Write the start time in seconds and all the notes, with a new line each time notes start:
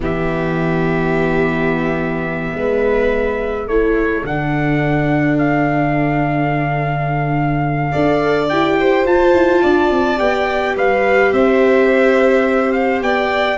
0.00 E3 B3 G4 E5
2.54 G#3 B4
3.66 A3 E4 A4 C#5
4.23 D3 D4 F#5
5.38 F5
7.91 D4 A4 D5
8.49 E4 G4 G5
8.79 C5
9.04 F4 A5
9.33 E4
9.62 D4 D5
9.90 C4
10.17 B3 G4 G5
10.76 G3 B4 F5
11.32 C4 C5 E5
12.72 F5
13.01 B3 D5 G5